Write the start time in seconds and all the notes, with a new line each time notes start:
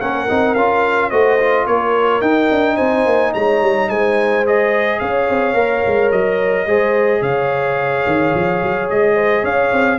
0.00 A#3 C#4 A#4 F#5
0.28 C4 D#4
0.55 C#4 F4 F5
1.10 A3 F#4 C5 D#5
1.40 F4
1.67 A#3 A#4 C#5
2.22 D#4 G5
2.51 D4
2.76 C4 C5 G#5
3.06 A#3
3.34 G#3 C#5 A#5
3.61 G3
3.89 G#3 C5 G#5
4.45 G#4 D#5
5.00 C#4 C#5 F5
5.29 C4
5.54 A#3 A#4
5.87 G#3
6.12 F#3 D#5
6.67 G#3 G#4 C5
7.21 C#3 C#5 F5
8.06 D#3
8.35 F3
8.63 F#3
8.90 G#3 D#5
9.15 C5
9.43 C#4 C#5 F5
9.72 C4